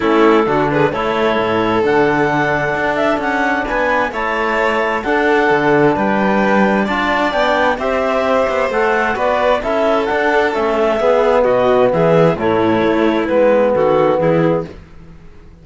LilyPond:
<<
  \new Staff \with { instrumentName = "clarinet" } { \time 4/4 \tempo 4 = 131 a'4. b'8 cis''2 | fis''2~ fis''8 e''8 fis''4 | gis''4 a''2 fis''4~ | fis''4 g''2 a''4 |
g''4 e''2 fis''4 | d''4 e''4 fis''4 e''4~ | e''4 dis''4 e''4 cis''4~ | cis''4 b'4 a'4 gis'4 | }
  \new Staff \with { instrumentName = "violin" } { \time 4/4 e'4 fis'8 gis'8 a'2~ | a'1 | b'4 cis''2 a'4~ | a'4 b'2 d''4~ |
d''4 c''2. | b'4 a'2. | gis'4 fis'4 gis'4 e'4~ | e'2 fis'4 e'4 | }
  \new Staff \with { instrumentName = "trombone" } { \time 4/4 cis'4 d'4 e'2 | d'1~ | d'4 e'2 d'4~ | d'2. f'4 |
d'4 g'2 a'4 | fis'4 e'4 d'4 cis'4 | b2. a4~ | a4 b2. | }
  \new Staff \with { instrumentName = "cello" } { \time 4/4 a4 d4 a4 a,4 | d2 d'4 cis'4 | b4 a2 d'4 | d4 g2 d'4 |
b4 c'4. b8 a4 | b4 cis'4 d'4 a4 | b4 b,4 e4 a,4 | a4 gis4 dis4 e4 | }
>>